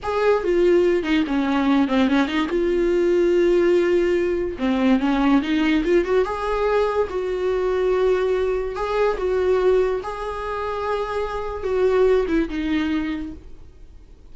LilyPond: \new Staff \with { instrumentName = "viola" } { \time 4/4 \tempo 4 = 144 gis'4 f'4. dis'8 cis'4~ | cis'8 c'8 cis'8 dis'8 f'2~ | f'2. c'4 | cis'4 dis'4 f'8 fis'8 gis'4~ |
gis'4 fis'2.~ | fis'4 gis'4 fis'2 | gis'1 | fis'4. e'8 dis'2 | }